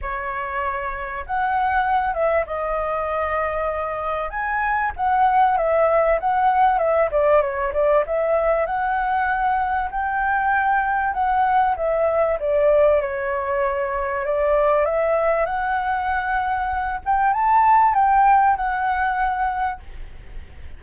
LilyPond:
\new Staff \with { instrumentName = "flute" } { \time 4/4 \tempo 4 = 97 cis''2 fis''4. e''8 | dis''2. gis''4 | fis''4 e''4 fis''4 e''8 d''8 | cis''8 d''8 e''4 fis''2 |
g''2 fis''4 e''4 | d''4 cis''2 d''4 | e''4 fis''2~ fis''8 g''8 | a''4 g''4 fis''2 | }